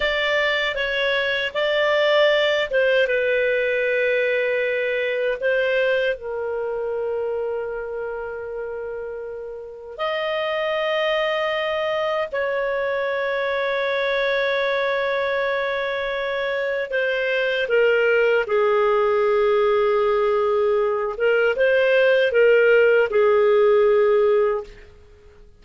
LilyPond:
\new Staff \with { instrumentName = "clarinet" } { \time 4/4 \tempo 4 = 78 d''4 cis''4 d''4. c''8 | b'2. c''4 | ais'1~ | ais'4 dis''2. |
cis''1~ | cis''2 c''4 ais'4 | gis'2.~ gis'8 ais'8 | c''4 ais'4 gis'2 | }